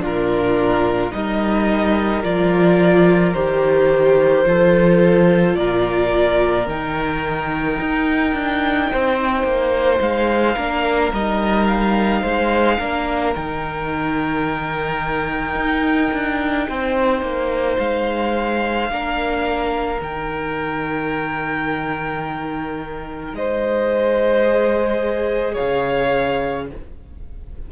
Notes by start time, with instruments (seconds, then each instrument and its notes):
0.00 cello A#2, viola D4, violin F4 A#4
1.12 cello G3, viola D#4, violin A#4 D#5
2.23 cello F3, viola F4, violin D5
3.34 cello D#3, viola G4, violin C5
4.45 cello F3, viola F4, violin A4
5.56 cello A#2, violin A#4 D5
6.67 cello D#3, viola D#4, violin G5
7.80 cello D#4
8.34 cello D4
8.91 cello C4, violin C5
9.44 cello A#3
10.01 cello G#3, violin F5
10.56 cello A#3, viola D4, violin A#4
11.12 cello G3, viola D#4, violin D#5
11.67 violin F5
12.22 cello G#3, violin C5
12.78 cello A#3, viola D4, violin A#4
13.35 cello D#3, viola D#4, violin G5
15.56 cello D#4
16.13 cello D4
16.69 cello C4, violin C5
17.22 cello A#3
17.79 cello G#3, violin F5
18.90 cello A#3, viola D4, violin A#4
20.01 cello D#3, viola D#4, violin G5
23.33 cello G#3, violin C5 D#5
24.44 viola G#4
25.54 violin C#5 F5
25.61 cello C#3